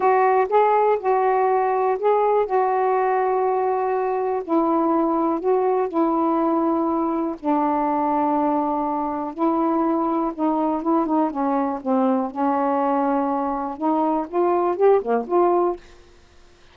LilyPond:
\new Staff \with { instrumentName = "saxophone" } { \time 4/4 \tempo 4 = 122 fis'4 gis'4 fis'2 | gis'4 fis'2.~ | fis'4 e'2 fis'4 | e'2. d'4~ |
d'2. e'4~ | e'4 dis'4 e'8 dis'8 cis'4 | c'4 cis'2. | dis'4 f'4 g'8 ais8 f'4 | }